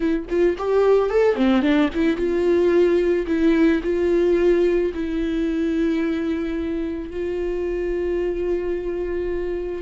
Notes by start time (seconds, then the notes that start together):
0.00 E4
0.29 F4
0.58 G4
1.09 A4
1.35 C4
1.62 D4
1.94 E4
2.16 F4
3.26 E4
3.83 F4
4.94 E4
7.10 F4